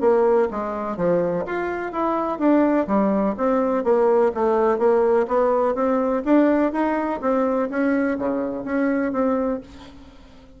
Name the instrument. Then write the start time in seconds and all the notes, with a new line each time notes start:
bassoon
0.00 A#3
0.50 G#3
0.96 F3
1.45 F4
1.92 E4
2.38 D4
2.87 G3
3.37 C4
3.84 A#3
4.34 A3
4.78 A#3
5.27 B3
5.75 C4
6.24 D4
6.72 D#4
7.21 C4
7.69 C#4
8.18 C#3
8.64 C#4
9.12 C4